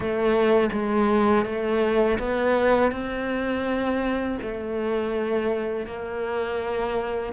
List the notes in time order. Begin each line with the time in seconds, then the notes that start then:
0.00 A3
0.72 G#3
1.45 A3
2.19 B3
2.91 C4
4.41 A3
5.86 A#3